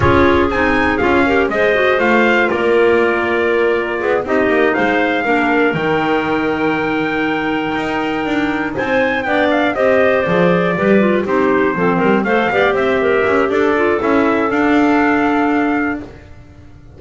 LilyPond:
<<
  \new Staff \with { instrumentName = "trumpet" } { \time 4/4 \tempo 4 = 120 cis''4 gis''4 f''4 dis''4 | f''4 d''2.~ | d''8 dis''4 f''2 g''8~ | g''1~ |
g''4. gis''4 g''8 f''8 dis''8~ | dis''8 d''2 c''4.~ | c''8 f''4 e''4. d''4 | e''4 f''2. | }
  \new Staff \with { instrumentName = "clarinet" } { \time 4/4 gis'2~ gis'8 ais'8 c''4~ | c''4 ais'2. | gis'8 g'4 c''4 ais'4.~ | ais'1~ |
ais'4. c''4 d''4 c''8~ | c''4. b'4 g'4 a'8 | ais'8 c''8 d''8 c''8 ais'4 a'4~ | a'1 | }
  \new Staff \with { instrumentName = "clarinet" } { \time 4/4 f'4 dis'4 f'8 g'8 gis'8 fis'8 | f'1~ | f'8 dis'2 d'4 dis'8~ | dis'1~ |
dis'2~ dis'8 d'4 g'8~ | g'8 gis'4 g'8 f'8 dis'4 c'8~ | c'8 a'8 g'2~ g'8 f'8 | e'4 d'2. | }
  \new Staff \with { instrumentName = "double bass" } { \time 4/4 cis'4 c'4 cis'4 gis4 | a4 ais2. | b8 c'8 ais8 gis4 ais4 dis8~ | dis2.~ dis8 dis'8~ |
dis'8 d'4 c'4 b4 c'8~ | c'8 f4 g4 c'4 f8 | g8 a8 b8 c'4 cis'8 d'4 | cis'4 d'2. | }
>>